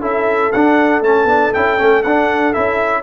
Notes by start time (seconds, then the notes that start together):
0.00 C#4 E4 A4 E5
0.52 D4 F#5
1.01 A3 C#4 A5
1.24 B3 D4
1.53 C#4 E4 G5
1.78 A3 C#4
2.03 D4 F#5
2.53 C#4 E4 E5